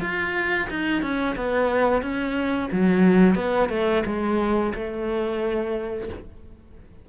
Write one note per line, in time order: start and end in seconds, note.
0.00 0.67 F4
0.70 1.02 D#4
1.02 1.35 C#4
1.35 2.01 B3
2.01 2.69 C#4
2.72 3.35 F#3
3.35 3.69 B3
3.69 4.03 A3
4.05 4.73 G#3
4.74 6.09 A3